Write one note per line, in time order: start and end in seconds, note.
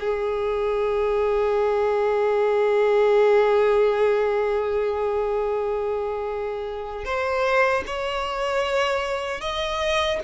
0.00 7.04 G#4
7.04 7.83 C5
7.87 9.41 C#5
9.41 10.20 D#5